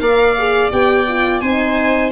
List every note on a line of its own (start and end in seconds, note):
0.00 0.71 A#3
0.00 0.36 A#4
0.00 1.42 D5
0.00 0.71 F5
0.39 0.71 G#4
0.71 1.42 B3
0.71 1.07 G4
0.71 1.40 G5
1.09 1.44 F4
1.40 2.12 C4
1.40 2.12 D#4
1.40 2.12 C5
1.40 2.11 G#5